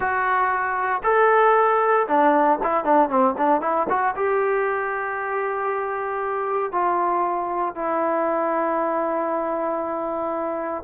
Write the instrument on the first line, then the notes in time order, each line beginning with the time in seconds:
trombone
0.00 F#4
1.03 A4
2.07 D4
2.63 E4
2.84 D4
3.09 C4
3.37 D4
3.61 E4
3.89 F#4
4.16 G4
6.72 F4
7.75 E4